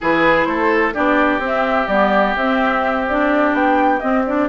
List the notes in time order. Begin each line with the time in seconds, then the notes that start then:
0.00 E3 E4 G#4 B4
0.44 A3 A4 C5
0.93 B3 D4 G4 D5
1.39 C4
1.46 E5
1.87 G3 B3 D5
2.35 C4 E5
3.08 D4 D5
3.53 B3 G5
4.00 C4 D#5
4.25 D4 D5